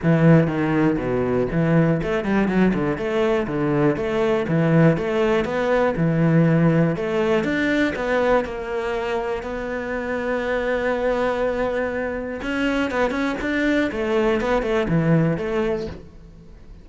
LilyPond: \new Staff \with { instrumentName = "cello" } { \time 4/4 \tempo 4 = 121 e4 dis4 b,4 e4 | a8 g8 fis8 d8 a4 d4 | a4 e4 a4 b4 | e2 a4 d'4 |
b4 ais2 b4~ | b1~ | b4 cis'4 b8 cis'8 d'4 | a4 b8 a8 e4 a4 | }